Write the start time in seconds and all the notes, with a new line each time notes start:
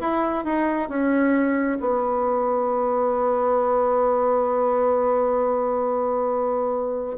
0.00 E4
0.44 D#4
0.89 C#4
1.80 B3